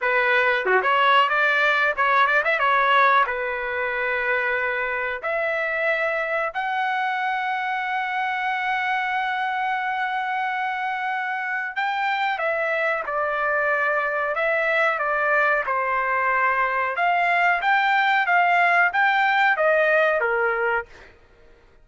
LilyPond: \new Staff \with { instrumentName = "trumpet" } { \time 4/4 \tempo 4 = 92 b'4 fis'16 cis''8. d''4 cis''8 d''16 e''16 | cis''4 b'2. | e''2 fis''2~ | fis''1~ |
fis''2 g''4 e''4 | d''2 e''4 d''4 | c''2 f''4 g''4 | f''4 g''4 dis''4 ais'4 | }